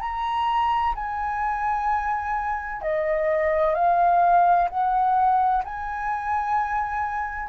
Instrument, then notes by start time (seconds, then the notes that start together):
flute
0.00 A#5
0.95 G#5
2.81 D#5
3.75 F5
4.69 F#5
5.64 G#5